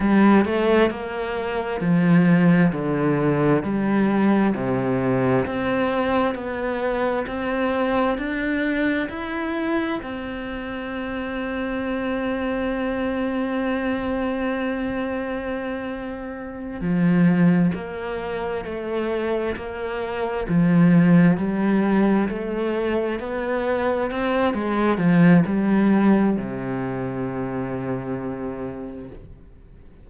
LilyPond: \new Staff \with { instrumentName = "cello" } { \time 4/4 \tempo 4 = 66 g8 a8 ais4 f4 d4 | g4 c4 c'4 b4 | c'4 d'4 e'4 c'4~ | c'1~ |
c'2~ c'8 f4 ais8~ | ais8 a4 ais4 f4 g8~ | g8 a4 b4 c'8 gis8 f8 | g4 c2. | }